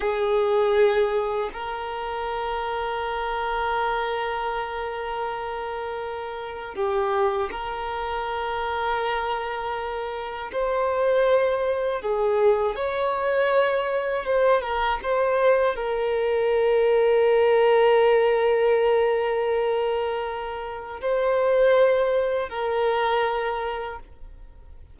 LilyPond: \new Staff \with { instrumentName = "violin" } { \time 4/4 \tempo 4 = 80 gis'2 ais'2~ | ais'1~ | ais'4 g'4 ais'2~ | ais'2 c''2 |
gis'4 cis''2 c''8 ais'8 | c''4 ais'2.~ | ais'1 | c''2 ais'2 | }